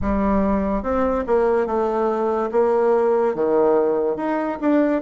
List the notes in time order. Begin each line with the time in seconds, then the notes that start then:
0.02 G3
0.82 C4
1.27 A#3
1.66 A3
2.52 A#3
3.34 D#3
4.16 D#4
4.60 D4